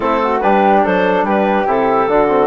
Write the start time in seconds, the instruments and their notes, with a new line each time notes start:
0.00 bassoon A3, trombone C4, flute E4, clarinet A4
0.22 flute F#4
0.40 bassoon G3, trombone D4, flute G4, clarinet B4
0.84 bassoon F#3, flute A4, clarinet C5
1.23 bassoon G3, flute G4, clarinet B4
1.66 bassoon C3, trombone E4, clarinet A4
2.08 bassoon D3, trombone D4, flute F#4
2.28 trombone C4